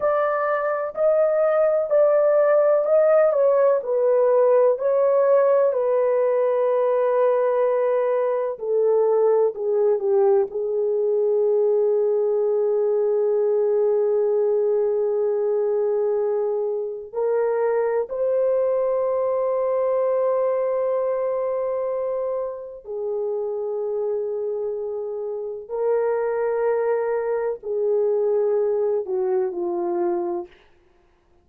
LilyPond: \new Staff \with { instrumentName = "horn" } { \time 4/4 \tempo 4 = 63 d''4 dis''4 d''4 dis''8 cis''8 | b'4 cis''4 b'2~ | b'4 a'4 gis'8 g'8 gis'4~ | gis'1~ |
gis'2 ais'4 c''4~ | c''1 | gis'2. ais'4~ | ais'4 gis'4. fis'8 f'4 | }